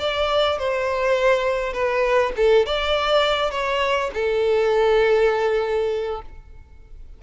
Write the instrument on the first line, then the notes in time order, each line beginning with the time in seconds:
violin
0.00 D5
0.59 C5
1.73 B4
2.37 A4
2.66 D5
3.51 C#5
4.14 A4